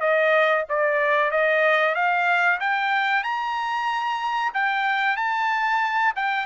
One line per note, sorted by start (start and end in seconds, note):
0.00 0.65 D#5
0.69 1.31 D5
1.31 1.95 D#5
1.95 2.60 F5
2.60 3.23 G5
3.23 4.52 A#5
4.54 5.16 G5
5.16 6.13 A5
6.16 6.45 G5